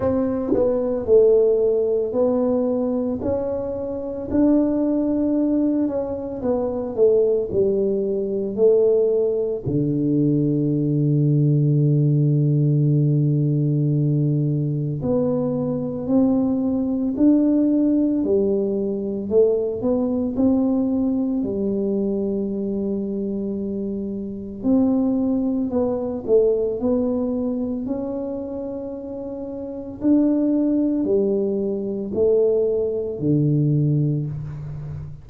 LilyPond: \new Staff \with { instrumentName = "tuba" } { \time 4/4 \tempo 4 = 56 c'8 b8 a4 b4 cis'4 | d'4. cis'8 b8 a8 g4 | a4 d2.~ | d2 b4 c'4 |
d'4 g4 a8 b8 c'4 | g2. c'4 | b8 a8 b4 cis'2 | d'4 g4 a4 d4 | }